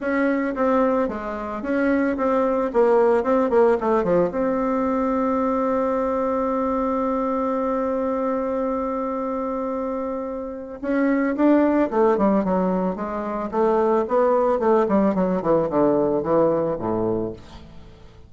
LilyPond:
\new Staff \with { instrumentName = "bassoon" } { \time 4/4 \tempo 4 = 111 cis'4 c'4 gis4 cis'4 | c'4 ais4 c'8 ais8 a8 f8 | c'1~ | c'1~ |
c'1 | cis'4 d'4 a8 g8 fis4 | gis4 a4 b4 a8 g8 | fis8 e8 d4 e4 a,4 | }